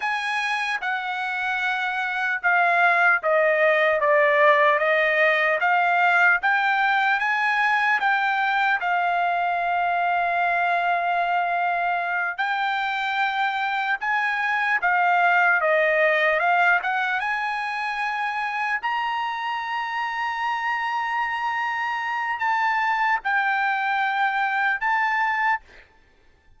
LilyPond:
\new Staff \with { instrumentName = "trumpet" } { \time 4/4 \tempo 4 = 75 gis''4 fis''2 f''4 | dis''4 d''4 dis''4 f''4 | g''4 gis''4 g''4 f''4~ | f''2.~ f''8 g''8~ |
g''4. gis''4 f''4 dis''8~ | dis''8 f''8 fis''8 gis''2 ais''8~ | ais''1 | a''4 g''2 a''4 | }